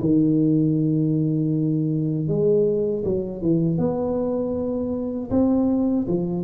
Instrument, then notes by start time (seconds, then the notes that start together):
tuba
0.00 D#3
2.28 G#3
3.04 F#3
3.41 E3
3.78 B3
5.30 C4
6.07 F3